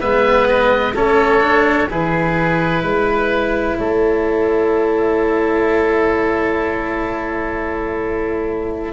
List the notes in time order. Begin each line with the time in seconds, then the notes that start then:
0.00 G#3 B3 B4 E5
0.48 D#5
0.95 A3 C#4 A4 C#5
1.41 D4
1.90 E3 E4 G#4 B4
2.83 G#3 B4
3.77 A3 A4 C#5